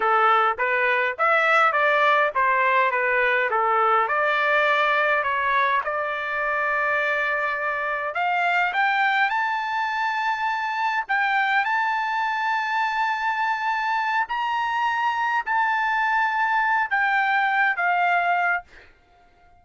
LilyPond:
\new Staff \with { instrumentName = "trumpet" } { \time 4/4 \tempo 4 = 103 a'4 b'4 e''4 d''4 | c''4 b'4 a'4 d''4~ | d''4 cis''4 d''2~ | d''2 f''4 g''4 |
a''2. g''4 | a''1~ | a''8 ais''2 a''4.~ | a''4 g''4. f''4. | }